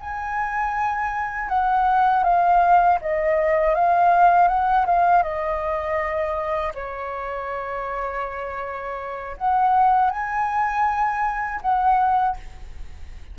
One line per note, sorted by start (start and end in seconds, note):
0.00 1.49 G#5
1.49 2.24 F#5
2.24 2.99 F5
3.01 3.75 D#5
3.75 4.48 F5
4.48 4.86 F#5
4.86 5.23 F5
5.23 6.73 D#5
6.74 9.37 C#5
9.37 10.10 F#5
10.10 11.60 G#5
11.61 12.36 F#5